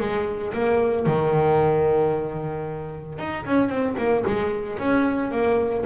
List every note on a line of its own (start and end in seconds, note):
0.00 0.53 G#3
0.54 1.06 A#3
1.06 3.19 D#3
3.19 3.45 D#4
3.46 3.69 C#4
3.69 3.96 C4
3.98 4.25 A#3
4.27 4.79 G#3
4.79 5.32 C#4
5.32 5.85 A#3